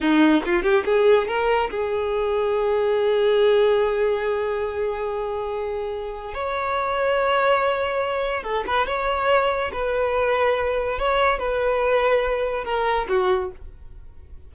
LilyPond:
\new Staff \with { instrumentName = "violin" } { \time 4/4 \tempo 4 = 142 dis'4 f'8 g'8 gis'4 ais'4 | gis'1~ | gis'1~ | gis'2. cis''4~ |
cis''1 | a'8 b'8 cis''2 b'4~ | b'2 cis''4 b'4~ | b'2 ais'4 fis'4 | }